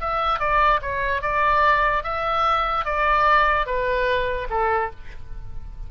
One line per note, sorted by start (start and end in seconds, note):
0.00 0.39 E5
0.39 0.80 D5
0.81 1.22 C#5
1.22 2.03 D5
2.03 2.85 E5
2.85 3.66 D5
3.66 4.47 B4
4.50 4.90 A4